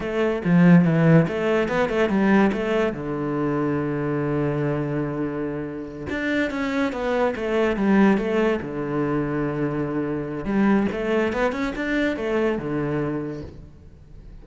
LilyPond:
\new Staff \with { instrumentName = "cello" } { \time 4/4 \tempo 4 = 143 a4 f4 e4 a4 | b8 a8 g4 a4 d4~ | d1~ | d2~ d8 d'4 cis'8~ |
cis'8 b4 a4 g4 a8~ | a8 d2.~ d8~ | d4 g4 a4 b8 cis'8 | d'4 a4 d2 | }